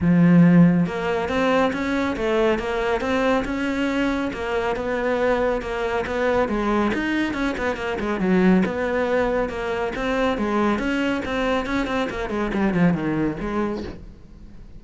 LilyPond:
\new Staff \with { instrumentName = "cello" } { \time 4/4 \tempo 4 = 139 f2 ais4 c'4 | cis'4 a4 ais4 c'4 | cis'2 ais4 b4~ | b4 ais4 b4 gis4 |
dis'4 cis'8 b8 ais8 gis8 fis4 | b2 ais4 c'4 | gis4 cis'4 c'4 cis'8 c'8 | ais8 gis8 g8 f8 dis4 gis4 | }